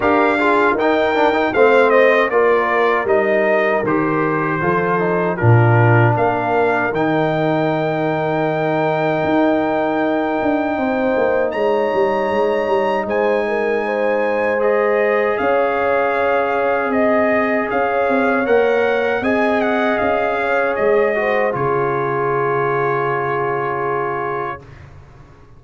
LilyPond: <<
  \new Staff \with { instrumentName = "trumpet" } { \time 4/4 \tempo 4 = 78 f''4 g''4 f''8 dis''8 d''4 | dis''4 c''2 ais'4 | f''4 g''2.~ | g''2. ais''4~ |
ais''4 gis''2 dis''4 | f''2 dis''4 f''4 | fis''4 gis''8 fis''8 f''4 dis''4 | cis''1 | }
  \new Staff \with { instrumentName = "horn" } { \time 4/4 ais'8 gis'8 ais'4 c''4 ais'4~ | ais'2 a'4 f'4 | ais'1~ | ais'2 c''4 cis''4~ |
cis''4 c''8 ais'8 c''2 | cis''2 dis''4 cis''4~ | cis''4 dis''4. cis''4 c''8 | gis'1 | }
  \new Staff \with { instrumentName = "trombone" } { \time 4/4 g'8 f'8 dis'8 d'16 dis'16 c'4 f'4 | dis'4 g'4 f'8 dis'8 d'4~ | d'4 dis'2.~ | dis'1~ |
dis'2. gis'4~ | gis'1 | ais'4 gis'2~ gis'8 fis'8 | f'1 | }
  \new Staff \with { instrumentName = "tuba" } { \time 4/4 d'4 dis'4 a4 ais4 | g4 dis4 f4 ais,4 | ais4 dis2. | dis'4. d'8 c'8 ais8 gis8 g8 |
gis8 g8 gis2. | cis'2 c'4 cis'8 c'8 | ais4 c'4 cis'4 gis4 | cis1 | }
>>